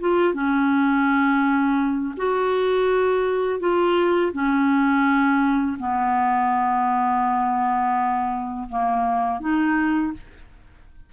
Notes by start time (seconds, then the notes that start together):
0.00 F4
0.34 C#4
2.17 F#4
3.60 F4
4.33 C#4
5.79 B3
8.69 A#3
9.40 D#4